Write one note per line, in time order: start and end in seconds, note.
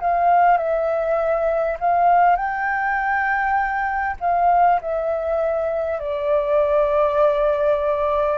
0.00 0.57 F5
0.57 1.77 E5
1.80 2.36 F5
2.36 4.16 G5
4.21 4.81 F5
4.81 5.99 E5
5.99 8.38 D5